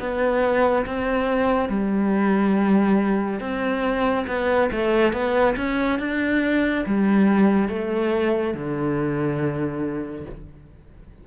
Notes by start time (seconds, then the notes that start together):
0.00 B3
0.86 C4
1.69 G3
3.41 C4
4.28 B3
4.72 A3
5.13 B3
5.57 C#4
6.00 D4
6.86 G3
7.69 A3
8.54 D3